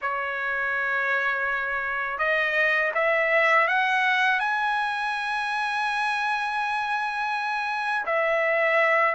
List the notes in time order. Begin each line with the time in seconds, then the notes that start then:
0.01 C#5
2.18 D#5
2.94 E5
3.67 F#5
4.39 G#5
8.06 E5